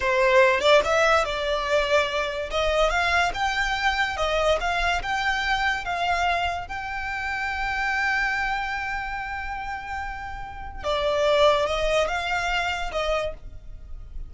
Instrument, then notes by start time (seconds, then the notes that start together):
violin
0.00 C5
0.60 D5
0.84 E5
1.24 D5
2.50 D#5
2.90 F5
3.34 G5
4.16 D#5
4.60 F5
5.02 G5
5.84 F5
6.67 G5
10.83 D5
11.66 D#5
12.07 F5
12.91 D#5